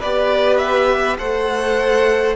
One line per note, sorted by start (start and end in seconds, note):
0.00 1.19 B3
0.00 1.19 G4
0.00 1.18 B4
0.00 0.58 D5
0.58 1.17 E5
1.19 2.37 A3
1.19 2.37 A4
1.19 2.36 C5
1.19 2.36 F#5